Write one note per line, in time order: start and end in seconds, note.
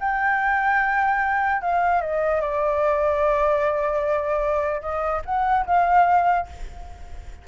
0.00 1.62 G5
1.62 2.01 F5
2.01 2.41 D#5
2.41 4.82 D5
4.82 5.22 D#5
5.25 5.66 F#5
5.66 6.47 F5